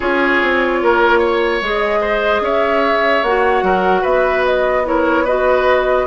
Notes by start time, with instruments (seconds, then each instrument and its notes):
0.00 bassoon C#4, clarinet F4, oboe G#4, flute C#5
0.42 bassoon C4
0.82 bassoon A#3, oboe A#4
1.18 oboe C#5
1.61 bassoon G#3, clarinet G#4, flute D#5
2.00 oboe C5
2.41 bassoon C#4, oboe C#5, flute E5
3.22 bassoon A#3, clarinet F#4, flute F#5
3.62 bassoon F#3, oboe A#4
4.01 bassoon B3, oboe B4, flute E5
4.45 flute D#5
4.84 clarinet E4, oboe A#4, flute C#5
5.24 clarinet F#4, oboe B4, flute D#5